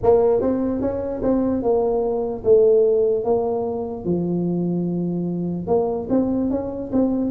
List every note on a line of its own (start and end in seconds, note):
0.02 0.41 A#3
0.41 0.81 C4
0.81 1.21 C#4
1.22 1.62 C4
1.62 2.43 A#3
2.43 3.24 A3
3.24 4.05 A#3
4.05 5.67 F3
5.67 6.07 A#3
6.09 6.50 C4
6.50 6.91 C#4
6.92 7.30 C4